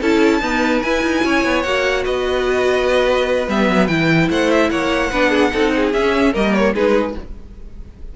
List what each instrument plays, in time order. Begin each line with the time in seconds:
0.00 cello C#4, viola E4, violin A4 A5
0.41 viola B3, cello D#4, violin B4
0.82 cello E4, viola E4, violin G#5
1.03 cello D#4
1.24 cello C#4, violin C#5
1.44 cello B3
1.63 cello A#3, viola F#4, violin F#5
2.05 cello B3, violin B4 D#5
3.48 cello G3, viola B3, violin E5
3.68 cello F#3
3.87 cello E3, viola E4, violin G5
4.30 cello A3, violin C5 F#5
4.51 violin E5
4.70 cello A#3, violin C#5 F#5
5.11 cello B3, viola D4, violin B4
5.30 violin G#4
5.51 cello C4, viola D#4, violin A4
5.76 violin G#4
5.93 cello C#4, viola C#4, violin E5
6.32 cello G3, viola A#3, violin A#4 D#5
6.54 violin C#5
6.74 cello G#3, viola D#4, violin G#4 B4